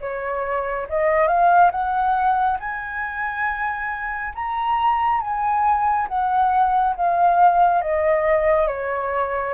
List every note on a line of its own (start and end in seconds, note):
0.00 0.87 C#5
0.88 1.27 D#5
1.27 1.70 F5
1.71 2.58 F#5
2.59 4.33 G#5
4.34 5.20 A#5
5.20 6.07 G#5
6.08 6.94 F#5
6.96 7.81 F5
7.81 8.67 D#5
8.67 9.53 C#5